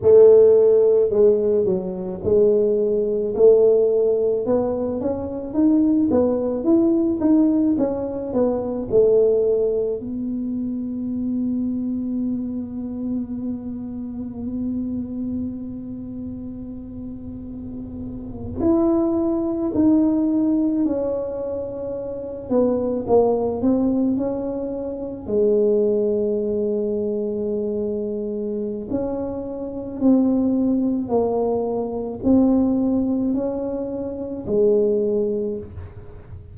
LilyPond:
\new Staff \with { instrumentName = "tuba" } { \time 4/4 \tempo 4 = 54 a4 gis8 fis8 gis4 a4 | b8 cis'8 dis'8 b8 e'8 dis'8 cis'8 b8 | a4 b2.~ | b1~ |
b8. e'4 dis'4 cis'4~ cis'16~ | cis'16 b8 ais8 c'8 cis'4 gis4~ gis16~ | gis2 cis'4 c'4 | ais4 c'4 cis'4 gis4 | }